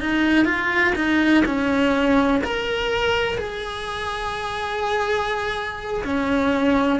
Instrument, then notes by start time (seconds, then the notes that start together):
cello
0.00 D#4
0.45 F4
0.95 D#4
1.45 C#4
2.44 A#4
3.37 G#4
6.04 C#4